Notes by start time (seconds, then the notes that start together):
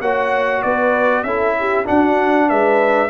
0.00 A#3 F#4 C#5 F#5
0.62 B3 B4 D5
1.23 C#4 E4 A4 E5
1.59 G4
1.85 D4 F#4 F#5
2.48 G#3 B4 E5